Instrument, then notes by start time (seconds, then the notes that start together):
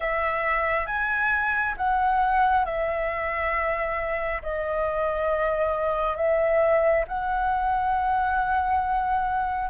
flute
0.00 E5
0.86 G#5
1.77 F#5
2.65 E5
4.42 D#5
6.16 E5
7.07 F#5